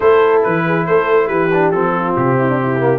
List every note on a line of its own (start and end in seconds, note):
0.00 0.44 A3
0.00 1.51 E4
0.00 0.65 A4
0.00 0.42 C5
0.43 0.88 E3
0.43 0.85 B4
0.66 0.87 G#4
0.85 1.30 A3
0.85 1.26 A4
0.85 1.27 C5
1.26 1.72 E3
1.26 1.91 G4
1.26 1.70 B4
1.53 1.73 D4
1.71 2.15 F3
1.71 2.79 C4
1.71 2.14 A4
1.96 2.39 F4
2.16 2.99 C3
2.16 2.99 G4
2.39 2.49 E4
2.49 2.60 D4
2.61 2.99 E4
2.79 2.99 A#3